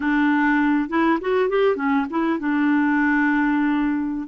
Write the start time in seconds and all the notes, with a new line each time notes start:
0.00 D4
0.89 E4
1.20 F#4
1.49 G4
1.76 C#4
2.10 E4
2.39 D4